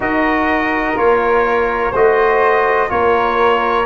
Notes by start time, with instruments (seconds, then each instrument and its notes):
0.00 tuba D#4, trombone F#4, flute A#4, trumpet D#5
0.95 tuba A#3, trombone F4, trumpet C#5
1.91 tuba A3, trombone F#4, flute C5, trumpet D#5
2.88 tuba A#3, trombone F4, flute A#4, trumpet C#5